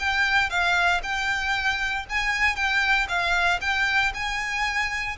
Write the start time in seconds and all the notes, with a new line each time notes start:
0.00 G5
0.50 F5
1.03 G5
2.10 G#5
2.56 G5
3.09 F5
3.62 G5
4.15 G#5